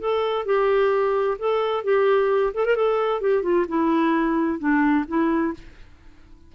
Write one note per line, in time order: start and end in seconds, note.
0.00 0.45 A4
0.45 1.38 G4
1.38 1.84 A4
1.84 2.53 G4
2.54 2.65 A4
2.65 2.76 A#4
2.76 3.21 A4
3.21 3.43 G4
3.43 3.66 F4
3.68 4.59 E4
4.59 5.05 D4
5.08 5.54 E4